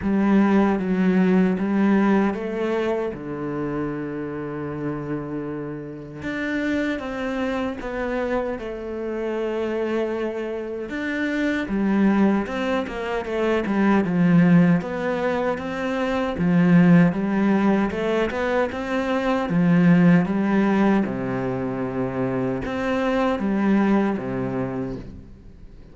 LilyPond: \new Staff \with { instrumentName = "cello" } { \time 4/4 \tempo 4 = 77 g4 fis4 g4 a4 | d1 | d'4 c'4 b4 a4~ | a2 d'4 g4 |
c'8 ais8 a8 g8 f4 b4 | c'4 f4 g4 a8 b8 | c'4 f4 g4 c4~ | c4 c'4 g4 c4 | }